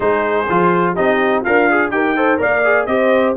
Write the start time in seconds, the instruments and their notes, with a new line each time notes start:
0.00 tuba G#3, trombone D#4, horn G#4, trumpet C5
0.49 tuba F3, trombone F4
0.95 tuba C4, trombone D#4, horn G4, trumpet D#5
1.41 tuba D4, horn F4, trombone A#4, trumpet F5
1.70 trombone G#4
1.90 tuba D#4, trombone G4, horn A#4, trumpet G5
2.16 trombone A4, horn C5
2.37 tuba A#3, trombone A#4, horn D5, trumpet F5
2.64 trombone G#4
2.85 tuba C4, trombone G4, horn C5, trumpet D#5